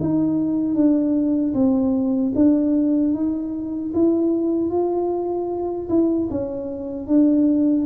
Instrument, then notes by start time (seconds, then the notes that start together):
tuba
0.00 D#4
0.75 D4
1.54 C4
2.35 D4
3.14 D#4
3.94 E4
4.70 F4
5.89 E4
6.31 C#4
7.07 D4